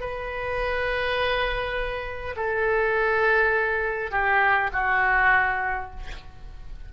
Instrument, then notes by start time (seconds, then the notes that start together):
oboe
0.00 B4
2.36 A4
4.11 G4
4.72 F#4